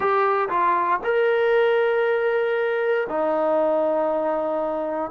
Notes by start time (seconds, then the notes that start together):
0.00 G4
0.49 F4
1.04 A#4
3.09 D#4